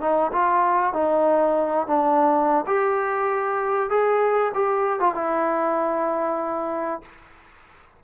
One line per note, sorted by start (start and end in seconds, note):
0.00 0.31 D#4
0.32 0.93 F4
0.93 1.87 D#4
1.87 2.65 D4
2.66 3.89 G4
3.89 4.52 G#4
4.54 4.99 G4
4.99 5.14 F4
5.14 7.02 E4